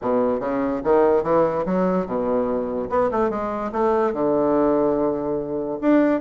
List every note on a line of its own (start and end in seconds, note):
0.01 0.39 B2
0.39 0.81 C#3
0.84 1.23 D#3
1.23 1.64 E3
1.65 2.06 F#3
2.06 2.89 B2
2.89 3.10 B3
3.11 3.30 A3
3.30 3.71 G#3
3.72 4.13 A3
4.13 5.78 D3
5.81 6.21 D4